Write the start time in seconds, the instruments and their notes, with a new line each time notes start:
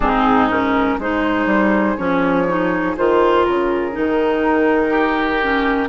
0.00 bassoon G#2, clarinet C4, oboe D#4, flute G#4
0.50 clarinet C#4, flute A#4
0.99 bassoon G#3, clarinet D#4, oboe G#4, flute C5
1.45 bassoon G3
1.97 bassoon F3, clarinet C#4, flute C#5
2.47 clarinet D#4
2.96 bassoon D#3, clarinet F4, flute C5
3.44 bassoon C#3, flute A#4
3.92 bassoon D#3, clarinet D#4
4.89 oboe G4
5.42 clarinet C#4